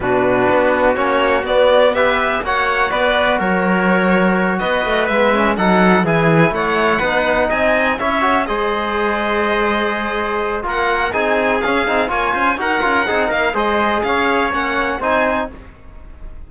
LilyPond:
<<
  \new Staff \with { instrumentName = "violin" } { \time 4/4 \tempo 4 = 124 b'2 cis''4 d''4 | e''4 fis''4 d''4 cis''4~ | cis''4. dis''4 e''4 fis''8~ | fis''8 gis''4 fis''2 gis''8~ |
gis''8 e''4 dis''2~ dis''8~ | dis''2 fis''4 gis''4 | f''4 gis''4 fis''4. f''8 | dis''4 f''4 fis''4 gis''4 | }
  \new Staff \with { instrumentName = "trumpet" } { \time 4/4 fis'1 | b'4 cis''4 b'4 ais'4~ | ais'4. b'2 a'8~ | a'8 gis'4 cis''4 b'4 dis''8~ |
dis''8 cis''4 c''2~ c''8~ | c''2 ais'4 gis'4~ | gis'4 cis''8 c''8 ais'4 gis'8 ais'8 | c''4 cis''2 c''4 | }
  \new Staff \with { instrumentName = "trombone" } { \time 4/4 d'2 cis'4 b4 | g'4 fis'2.~ | fis'2~ fis'8 b8 cis'8 dis'8~ | dis'8 e'2 dis'4.~ |
dis'8 e'8 fis'8 gis'2~ gis'8~ | gis'2 f'4 dis'4 | cis'8 dis'8 f'4 fis'8 f'8 dis'4 | gis'2 cis'4 dis'4 | }
  \new Staff \with { instrumentName = "cello" } { \time 4/4 b,4 b4 ais4 b4~ | b4 ais4 b4 fis4~ | fis4. b8 a8 gis4 fis8~ | fis8 e4 a4 b4 c'8~ |
c'8 cis'4 gis2~ gis8~ | gis2 ais4 c'4 | cis'8 c'8 ais8 cis'8 dis'8 cis'8 c'8 ais8 | gis4 cis'4 ais4 c'4 | }
>>